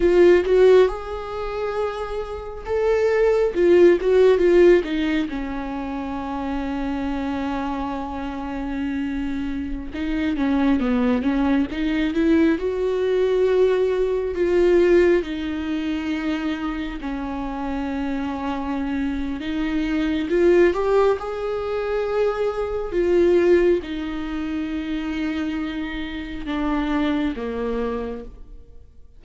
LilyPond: \new Staff \with { instrumentName = "viola" } { \time 4/4 \tempo 4 = 68 f'8 fis'8 gis'2 a'4 | f'8 fis'8 f'8 dis'8 cis'2~ | cis'2.~ cis'16 dis'8 cis'16~ | cis'16 b8 cis'8 dis'8 e'8 fis'4.~ fis'16~ |
fis'16 f'4 dis'2 cis'8.~ | cis'2 dis'4 f'8 g'8 | gis'2 f'4 dis'4~ | dis'2 d'4 ais4 | }